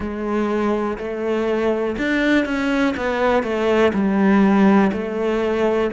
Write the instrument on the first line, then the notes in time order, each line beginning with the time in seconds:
cello
0.00 G#3
0.98 A3
1.98 D4
2.45 C#4
2.96 B3
3.42 A3
3.93 G3
4.92 A3